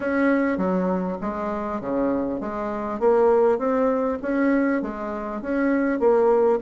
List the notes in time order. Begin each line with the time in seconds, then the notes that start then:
0.00 C#4
0.57 F#3
1.21 G#3
1.81 C#3
2.40 G#3
2.99 A#3
3.58 C4
4.22 C#4
4.82 G#3
5.41 C#4
5.99 A#3